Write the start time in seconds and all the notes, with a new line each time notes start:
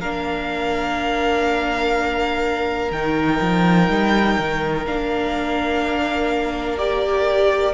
0.00 A#3 D4 A#4 F5
2.91 D#3 D#4 G5
3.41 F3
3.89 G3
4.38 D#3
4.86 A#3 D4 F5
6.77 G4 D5